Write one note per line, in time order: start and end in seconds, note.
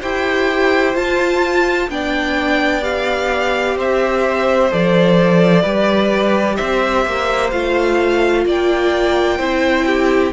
0.00 0.95 E4
0.00 0.94 G4
0.00 1.88 C5
0.00 0.95 G5
0.94 1.88 F4
0.94 1.89 A5
1.89 3.76 B3
1.89 2.81 D4
1.89 3.77 D5
1.89 2.83 G5
2.81 4.69 G4
2.81 3.77 F5
3.76 4.70 C4
3.76 5.62 C5
3.76 4.72 E5
4.71 5.64 F3
4.71 5.64 A4
4.71 6.56 D5
5.62 6.57 G3
5.62 7.52 G4
5.62 6.55 B4
6.56 7.05 C4
6.56 8.44 C5
6.56 7.49 E5
7.05 7.52 A#3
7.50 8.45 A3
7.50 9.38 F4
7.50 8.44 F5
8.45 9.39 A#3
8.45 9.37 D5
8.45 10.33 G5
9.37 10.33 C4
9.37 10.32 E4
9.37 9.84 C5
9.86 10.32 G4